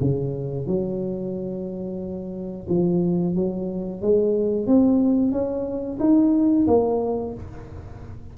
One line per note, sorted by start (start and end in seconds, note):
0.00 0.67 C#3
0.67 2.67 F#3
2.68 3.35 F3
3.35 4.01 F#3
4.01 4.67 G#3
4.67 5.32 C4
5.32 5.98 C#4
5.99 6.66 D#4
6.67 7.33 A#3